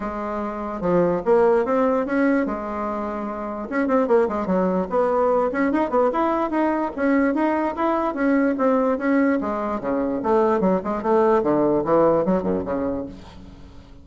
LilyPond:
\new Staff \with { instrumentName = "bassoon" } { \time 4/4 \tempo 4 = 147 gis2 f4 ais4 | c'4 cis'4 gis2~ | gis4 cis'8 c'8 ais8 gis8 fis4 | b4. cis'8 dis'8 b8 e'4 |
dis'4 cis'4 dis'4 e'4 | cis'4 c'4 cis'4 gis4 | cis4 a4 fis8 gis8 a4 | d4 e4 fis8 fis,8 cis4 | }